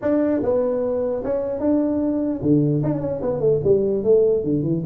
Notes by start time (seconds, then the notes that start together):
0.01 D4
0.42 B3
1.24 C#4
1.59 D4
2.42 D3
2.83 D4
3.00 C#4
3.21 B3
3.39 A3
3.64 G3
4.03 A3
4.43 D3
4.62 E3